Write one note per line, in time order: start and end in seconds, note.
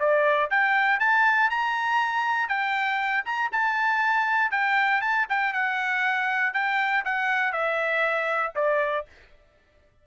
0.00 0.50 D5
0.51 1.00 G5
1.00 1.50 A5
1.50 2.49 A#5
2.49 3.24 G5
3.26 3.51 A#5
3.52 4.52 A5
4.52 5.01 G5
5.01 5.27 A5
5.29 5.54 G5
5.54 6.54 F#5
6.54 7.04 G5
7.05 7.53 F#5
7.53 8.53 E5
8.56 9.06 D5